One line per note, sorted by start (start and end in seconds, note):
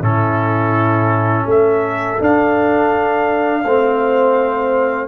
0.00 1.45 A2
0.00 2.18 C#4
0.00 1.45 E4
0.00 1.48 A4
1.45 2.18 A3
1.45 3.62 A4
1.45 2.22 E5
2.18 3.63 D4
2.18 3.64 D4
2.18 5.08 F5
3.64 5.08 A3
3.64 5.08 C4
3.64 5.08 C5